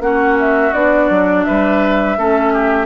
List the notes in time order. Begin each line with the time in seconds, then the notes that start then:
0.00 A#3 C#4 F#4 F#5
0.39 E5
0.73 B3 D4 D5
1.10 F#3
1.44 G3 B4 E5
2.18 A3 C#4 A4
2.53 G4